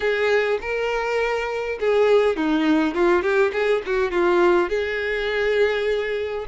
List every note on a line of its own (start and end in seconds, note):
0.00 0.59 G#4
0.61 1.78 A#4
1.79 2.36 G#4
2.36 2.94 D#4
2.94 3.22 F4
3.22 3.51 G4
3.52 3.82 G#4
3.85 4.11 F#4
4.11 4.69 F4
4.69 6.45 G#4